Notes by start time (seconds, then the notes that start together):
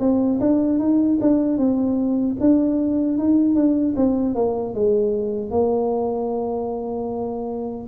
0.00 C4
0.40 D4
0.79 D#4
1.21 D4
1.58 C4
2.40 D4
3.18 D#4
3.55 D4
3.96 C4
4.35 A#3
4.74 G#3
5.50 A#3